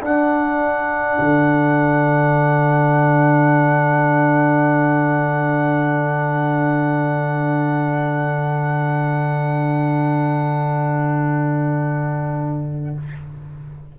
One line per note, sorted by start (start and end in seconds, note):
0.00 1.19 D4
0.00 12.99 D4
0.00 12.94 A4
0.00 12.98 F#5
1.19 12.95 D3